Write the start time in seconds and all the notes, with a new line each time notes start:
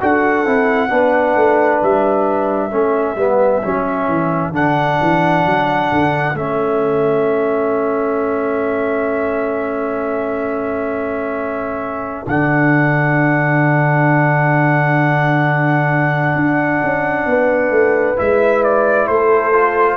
0.00 D4 F#4 A4 F#5
0.45 C4 E4
0.89 B3 D4 B4
1.36 A3
1.82 G3 E5
2.71 A3 C#4 A4
3.16 G3 B3
3.63 F#3 C#4
4.08 E3
4.51 D3 D4 F#5
5.01 E3
5.46 F#3
5.91 D3
6.34 A3 C#4 E5
12.27 D3 D4 F#5
16.35 D4
16.83 C#4
17.26 B3 B4
17.70 A3
18.16 G#3 E4 E5
18.63 D5
19.07 A3 A4 C5
19.52 F4